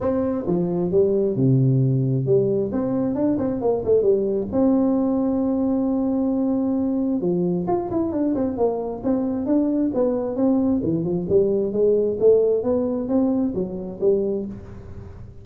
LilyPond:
\new Staff \with { instrumentName = "tuba" } { \time 4/4 \tempo 4 = 133 c'4 f4 g4 c4~ | c4 g4 c'4 d'8 c'8 | ais8 a8 g4 c'2~ | c'1 |
f4 f'8 e'8 d'8 c'8 ais4 | c'4 d'4 b4 c'4 | e8 f8 g4 gis4 a4 | b4 c'4 fis4 g4 | }